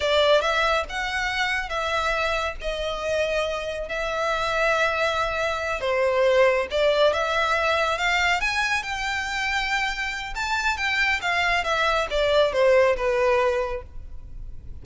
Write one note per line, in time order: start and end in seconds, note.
0.00 0.41 D5
0.41 0.84 E5
0.89 1.69 F#5
1.69 2.55 E5
2.61 3.88 D#5
3.88 5.80 E5
5.80 6.67 C5
6.70 7.13 D5
7.13 7.98 E5
7.98 8.41 F5
8.41 8.83 G#5
8.83 10.34 G5
10.35 10.77 A5
10.77 11.20 G5
11.21 11.64 F5
11.64 12.07 E5
12.10 12.52 D5
12.52 12.96 C5
12.96 13.82 B4